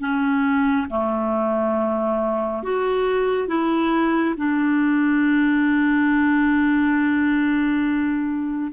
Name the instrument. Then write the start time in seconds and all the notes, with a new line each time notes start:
clarinet
0.00 C#4
0.90 A3
2.63 F#4
3.48 E4
4.37 D4